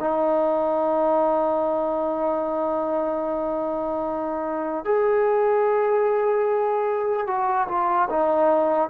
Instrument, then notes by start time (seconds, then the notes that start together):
trombone
0.00 D#4
4.85 G#4
7.27 F#4
7.68 F4
8.10 D#4